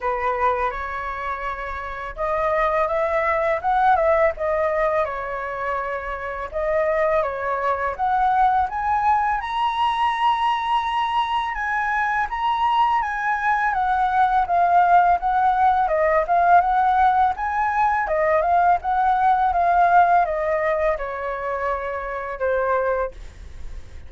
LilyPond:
\new Staff \with { instrumentName = "flute" } { \time 4/4 \tempo 4 = 83 b'4 cis''2 dis''4 | e''4 fis''8 e''8 dis''4 cis''4~ | cis''4 dis''4 cis''4 fis''4 | gis''4 ais''2. |
gis''4 ais''4 gis''4 fis''4 | f''4 fis''4 dis''8 f''8 fis''4 | gis''4 dis''8 f''8 fis''4 f''4 | dis''4 cis''2 c''4 | }